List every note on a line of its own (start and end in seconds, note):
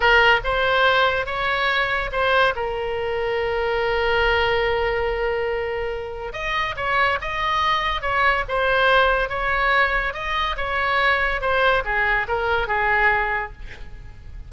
0.00 0.40 A#4
0.43 1.26 C5
1.26 2.10 C#5
2.11 2.54 C5
2.55 6.32 A#4
6.32 6.75 D#5
6.76 7.18 C#5
7.21 8.01 D#5
8.01 8.44 C#5
8.48 9.29 C5
9.29 10.13 C#5
10.13 10.56 D#5
10.56 11.41 C#5
11.41 11.83 C5
11.84 12.27 G#4
12.27 12.67 A#4
12.67 13.52 G#4